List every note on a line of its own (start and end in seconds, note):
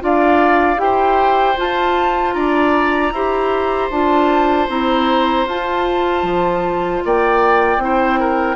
0.00 0.78 D4
0.00 0.77 F4
0.00 0.81 D5
0.00 0.80 F5
0.77 1.56 E4
0.77 1.55 G4
0.77 2.35 C5
0.77 1.58 G5
1.57 3.12 F4
1.57 2.35 F4
1.57 2.33 A5
2.33 3.12 D4
2.33 3.13 D5
2.33 3.89 A#5
3.12 3.90 E4
3.12 3.92 G4
3.12 7.04 C5
3.90 4.68 D4
3.90 4.69 F4
3.90 4.69 A5
4.69 5.47 C4
4.69 5.47 E4
4.69 5.48 A#5
5.47 6.23 F4
5.47 7.81 F4
5.47 7.05 A5
6.23 7.01 F3
7.05 7.78 A#3
7.05 7.83 D5
7.05 8.56 G5
7.78 8.56 C4
7.78 8.56 E4
7.84 8.20 C5
8.20 8.56 A#4